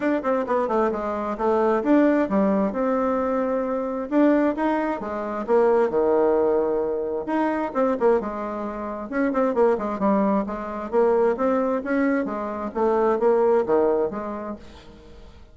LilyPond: \new Staff \with { instrumentName = "bassoon" } { \time 4/4 \tempo 4 = 132 d'8 c'8 b8 a8 gis4 a4 | d'4 g4 c'2~ | c'4 d'4 dis'4 gis4 | ais4 dis2. |
dis'4 c'8 ais8 gis2 | cis'8 c'8 ais8 gis8 g4 gis4 | ais4 c'4 cis'4 gis4 | a4 ais4 dis4 gis4 | }